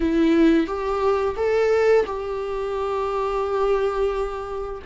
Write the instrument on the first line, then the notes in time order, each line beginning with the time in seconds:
viola
0.00 E4
0.66 G4
1.36 A4
2.06 G4